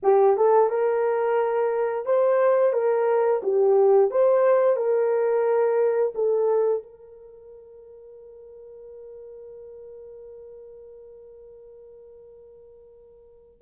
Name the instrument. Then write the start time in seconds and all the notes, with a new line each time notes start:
horn
0.02 G4
0.36 A4
0.69 A#4
2.05 C5
2.72 A#4
3.42 G4
4.11 C5
4.76 A#4
6.14 A4
6.82 A#4